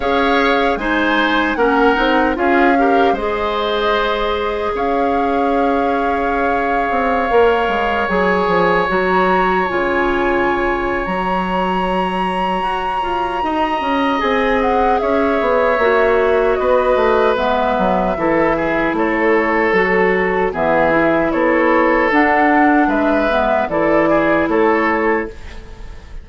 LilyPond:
<<
  \new Staff \with { instrumentName = "flute" } { \time 4/4 \tempo 4 = 76 f''4 gis''4 fis''4 f''4 | dis''2 f''2~ | f''2~ f''16 gis''4 ais''8.~ | ais''16 gis''4.~ gis''16 ais''2~ |
ais''2 gis''8 fis''8 e''4~ | e''4 dis''4 e''2 | cis''4 a'4 e''4 cis''4 | fis''4 e''4 d''4 cis''4 | }
  \new Staff \with { instrumentName = "oboe" } { \time 4/4 cis''4 c''4 ais'4 gis'8 ais'8 | c''2 cis''2~ | cis''1~ | cis''1~ |
cis''4 dis''2 cis''4~ | cis''4 b'2 a'8 gis'8 | a'2 gis'4 a'4~ | a'4 b'4 a'8 gis'8 a'4 | }
  \new Staff \with { instrumentName = "clarinet" } { \time 4/4 gis'4 dis'4 cis'8 dis'8 f'8 g'8 | gis'1~ | gis'4~ gis'16 ais'4 gis'4 fis'8.~ | fis'16 f'4.~ f'16 fis'2~ |
fis'2 gis'2 | fis'2 b4 e'4~ | e'4 fis'4 b8 e'4. | d'4. b8 e'2 | }
  \new Staff \with { instrumentName = "bassoon" } { \time 4/4 cis'4 gis4 ais8 c'8 cis'4 | gis2 cis'2~ | cis'8. c'8 ais8 gis8 fis8 f8 fis8.~ | fis16 cis4.~ cis16 fis2 |
fis'8 f'8 dis'8 cis'8 c'4 cis'8 b8 | ais4 b8 a8 gis8 fis8 e4 | a4 fis4 e4 b4 | d'4 gis4 e4 a4 | }
>>